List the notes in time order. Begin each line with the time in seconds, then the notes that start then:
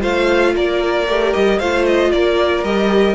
0.00 A3 F4 C5 F5
0.55 A#3 A#4 D5
1.07 A3 G4
1.33 G3 D#5
1.58 A3 F4 C5 F5
1.85 D#5
2.12 A#3 A#4 D5
2.63 G3 G4 D#5